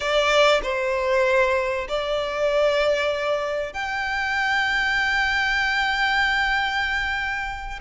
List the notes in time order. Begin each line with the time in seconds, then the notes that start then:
0.00 D5
0.62 C5
1.88 D5
3.73 G5